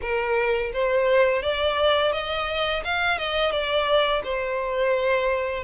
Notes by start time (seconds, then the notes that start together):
0.01 A#4
0.73 C5
1.42 D5
2.12 D#5
2.84 F5
3.18 D#5
3.51 D5
4.24 C5